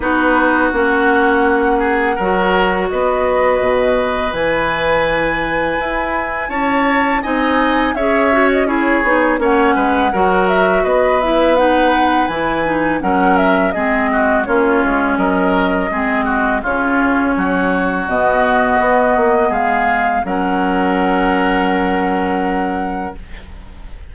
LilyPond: <<
  \new Staff \with { instrumentName = "flute" } { \time 4/4 \tempo 4 = 83 b'4 fis''2. | dis''2 gis''2~ | gis''4 a''4 gis''4 e''8. dis''16 | cis''4 fis''4. e''8 dis''8 e''8 |
fis''4 gis''4 fis''8 e''8 dis''4 | cis''4 dis''2 cis''4~ | cis''4 dis''2 f''4 | fis''1 | }
  \new Staff \with { instrumentName = "oboe" } { \time 4/4 fis'2~ fis'8 gis'8 ais'4 | b'1~ | b'4 cis''4 dis''4 cis''4 | gis'4 cis''8 b'8 ais'4 b'4~ |
b'2 ais'4 gis'8 fis'8 | f'4 ais'4 gis'8 fis'8 f'4 | fis'2. gis'4 | ais'1 | }
  \new Staff \with { instrumentName = "clarinet" } { \time 4/4 dis'4 cis'2 fis'4~ | fis'2 e'2~ | e'2 dis'4 gis'8 fis'8 | e'8 dis'8 cis'4 fis'4. e'8 |
dis'4 e'8 dis'8 cis'4 c'4 | cis'2 c'4 cis'4~ | cis'4 b2. | cis'1 | }
  \new Staff \with { instrumentName = "bassoon" } { \time 4/4 b4 ais2 fis4 | b4 b,4 e2 | e'4 cis'4 c'4 cis'4~ | cis'8 b8 ais8 gis8 fis4 b4~ |
b4 e4 fis4 gis4 | ais8 gis8 fis4 gis4 cis4 | fis4 b,4 b8 ais8 gis4 | fis1 | }
>>